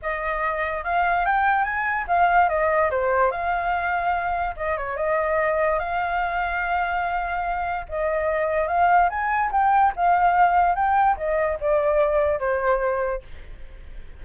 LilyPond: \new Staff \with { instrumentName = "flute" } { \time 4/4 \tempo 4 = 145 dis''2 f''4 g''4 | gis''4 f''4 dis''4 c''4 | f''2. dis''8 cis''8 | dis''2 f''2~ |
f''2. dis''4~ | dis''4 f''4 gis''4 g''4 | f''2 g''4 dis''4 | d''2 c''2 | }